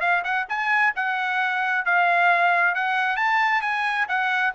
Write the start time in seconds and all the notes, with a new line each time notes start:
0.00 F5
0.24 F#5
0.48 G#5
0.96 F#5
1.85 F5
2.75 F#5
3.16 A5
3.62 G#5
4.08 F#5